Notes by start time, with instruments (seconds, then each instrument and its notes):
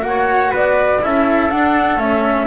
0.00 double bass A#3, cello F#4, flute F#5
0.08 trumpet C#5
0.51 double bass B3, trumpet B4, flute D5
1.02 double bass C#4, cello E4, trumpet A4, flute E5
1.51 cello D4, double bass D4, flute F#5
1.97 double bass A3, cello C#4, flute E5